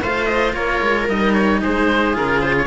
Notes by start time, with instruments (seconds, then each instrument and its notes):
0.00 cello A3 F4, viola C5, oboe F5
0.25 oboe D#5
0.53 cello A#3, viola A#4, oboe C#5
0.81 cello G#3
1.08 cello G3 D#4, oboe D#5
1.33 oboe C#5
1.61 cello G#3, viola G#4, oboe C5
2.14 cello C#3 F4, oboe A#4
2.41 oboe C5
2.57 oboe C#5